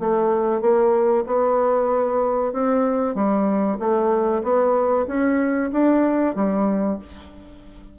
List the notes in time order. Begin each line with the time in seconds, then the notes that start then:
0.00 A3
0.61 A#3
1.27 B3
2.53 C4
3.15 G3
3.80 A3
4.43 B3
5.07 C#4
5.72 D4
6.35 G3